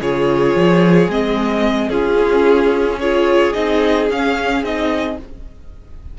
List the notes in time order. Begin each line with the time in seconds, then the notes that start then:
0.00 C#3 F4 G#4 C#5
0.55 F3
1.07 G#3 C4 D#5
1.89 C#4 F4 G#4
2.99 F4 G#4 C#5
3.52 C4 D#4 D#5
4.09 C#4 F5
4.63 C4 D#4 D#5